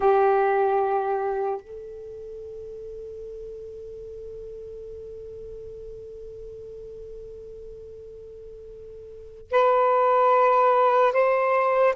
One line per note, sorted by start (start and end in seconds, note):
0.00 1.60 G4
1.60 9.50 A4
9.50 11.12 B4
11.12 11.93 C5